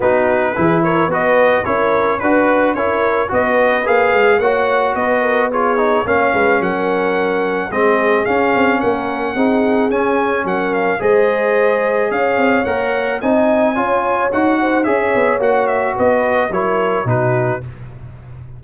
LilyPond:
<<
  \new Staff \with { instrumentName = "trumpet" } { \time 4/4 \tempo 4 = 109 b'4. cis''8 dis''4 cis''4 | b'4 cis''4 dis''4 f''4 | fis''4 dis''4 cis''4 f''4 | fis''2 dis''4 f''4 |
fis''2 gis''4 fis''8 f''8 | dis''2 f''4 fis''4 | gis''2 fis''4 e''4 | fis''8 e''8 dis''4 cis''4 b'4 | }
  \new Staff \with { instrumentName = "horn" } { \time 4/4 fis'4 gis'8 ais'8 b'4 ais'4 | b'4 ais'4 b'2 | cis''4 b'8 ais'8 gis'4 cis''8 b'8 | ais'2 gis'2 |
ais'4 gis'2 ais'4 | c''2 cis''2 | dis''4 cis''4. c''8 cis''4~ | cis''4 b'4 ais'4 fis'4 | }
  \new Staff \with { instrumentName = "trombone" } { \time 4/4 dis'4 e'4 fis'4 e'4 | fis'4 e'4 fis'4 gis'4 | fis'2 f'8 dis'8 cis'4~ | cis'2 c'4 cis'4~ |
cis'4 dis'4 cis'2 | gis'2. ais'4 | dis'4 f'4 fis'4 gis'4 | fis'2 e'4 dis'4 | }
  \new Staff \with { instrumentName = "tuba" } { \time 4/4 b4 e4 b4 cis'4 | d'4 cis'4 b4 ais8 gis8 | ais4 b2 ais8 gis8 | fis2 gis4 cis'8 c'8 |
ais4 c'4 cis'4 fis4 | gis2 cis'8 c'8 ais4 | c'4 cis'4 dis'4 cis'8 b8 | ais4 b4 fis4 b,4 | }
>>